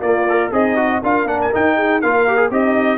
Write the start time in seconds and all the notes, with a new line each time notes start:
0.00 A#3 F4 D5
0.29 A#4
0.51 C4 D#4 G#4 D#5
0.76 F#4
1.03 D4 F4 A#4 F5
1.25 A#3 D4 F#5
1.41 G#5
1.53 D#4 G5
1.76 G#4
2.01 A#3 F4 A#4 F5
2.27 G4
2.37 G#4
2.50 C4 D#4 G4 D#5